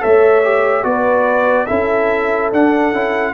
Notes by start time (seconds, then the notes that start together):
0.00 A3 A4 C#5 E5
0.44 G4
0.84 B3 F#4 B4 D5
1.67 C#4 E4 A4 E5
2.53 D4 F#5
2.92 C#4 E4